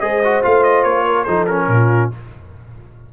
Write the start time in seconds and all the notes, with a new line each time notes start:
0.00 G#3 G#4 C5 D#5
0.24 F#4
0.42 A3 F4 F5
0.63 D#5
0.84 A#3 C#5
1.06 A#4
1.24 F3 D#4 A4 C5
1.47 C#4 A#4
1.67 A#2 F4